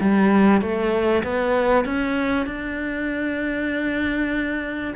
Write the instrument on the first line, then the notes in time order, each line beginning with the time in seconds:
cello
0.00 G3
0.61 A3
1.23 B3
1.85 C#4
2.46 D4